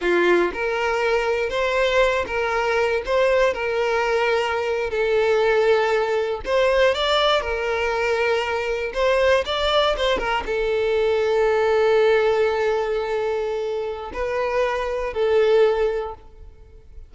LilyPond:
\new Staff \with { instrumentName = "violin" } { \time 4/4 \tempo 4 = 119 f'4 ais'2 c''4~ | c''8 ais'4. c''4 ais'4~ | ais'4.~ ais'16 a'2~ a'16~ | a'8. c''4 d''4 ais'4~ ais'16~ |
ais'4.~ ais'16 c''4 d''4 c''16~ | c''16 ais'8 a'2.~ a'16~ | a'1 | b'2 a'2 | }